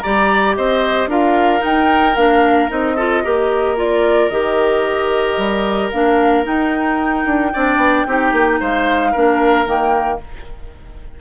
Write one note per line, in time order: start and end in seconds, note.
0.00 0.57 G3
0.00 1.10 G4
0.00 0.56 D5
0.00 0.54 A#5
0.55 1.07 C4
0.55 1.09 C5
0.55 1.09 D#5
1.07 1.60 D4
1.07 1.59 F4
1.07 2.96 A#4
1.07 1.64 F5
1.59 2.13 D#4
1.59 2.16 G5
1.65 2.16 D#4
2.16 2.70 A#3
2.16 2.69 D4
2.16 2.70 F5
2.69 3.24 C4
2.69 2.96 D#4
2.69 3.77 D#5
2.96 3.24 F4
2.96 3.23 A4
3.24 4.30 A#3
3.24 3.76 G4
3.24 7.53 A#4
3.76 4.30 F4
3.76 4.29 D5
4.29 5.37 D#3
4.29 5.92 G4
4.29 5.90 D#5
5.37 5.91 G3
5.91 6.46 A#3
5.91 6.44 D4
5.91 6.45 F5
6.44 7.52 D#4
6.44 7.25 D#4
6.44 8.60 G5
7.25 7.52 D4
7.53 7.76 C4
7.53 8.07 D4
7.53 8.07 D5
7.76 8.03 B3
8.07 8.32 C4
8.07 9.14 D#4
8.07 8.60 G4
8.32 8.59 A#3
8.60 9.15 G#3
8.60 9.11 C5
8.60 9.67 F5
9.11 9.66 A#3
9.11 9.66 D4
9.11 10.19 A#4
9.66 10.20 D#3
9.66 10.20 A#3
9.66 10.21 G5